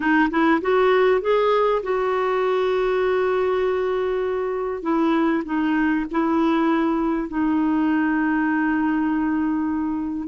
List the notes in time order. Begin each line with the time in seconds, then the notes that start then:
0.00 D#4
0.30 E4
0.61 F#4
1.21 G#4
1.82 F#4
4.82 E4
5.45 D#4
6.11 E4
7.28 D#4